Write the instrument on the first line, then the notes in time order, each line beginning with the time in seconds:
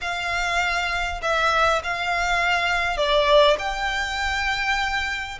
violin
0.01 F5
1.22 E5
1.83 F5
2.97 D5
3.58 G5